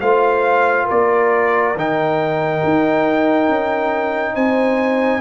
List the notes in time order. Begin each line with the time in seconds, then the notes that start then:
0.00 A3 F4 C5 F5
0.85 A#4 D5
0.91 A#3
1.75 D#3 D#4 G5
2.63 D#4
3.48 C#4
4.34 C4 C5 G#5